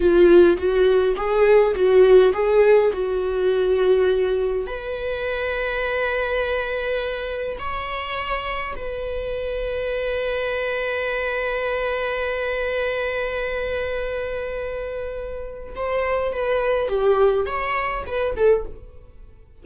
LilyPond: \new Staff \with { instrumentName = "viola" } { \time 4/4 \tempo 4 = 103 f'4 fis'4 gis'4 fis'4 | gis'4 fis'2. | b'1~ | b'4 cis''2 b'4~ |
b'1~ | b'1~ | b'2. c''4 | b'4 g'4 cis''4 b'8 a'8 | }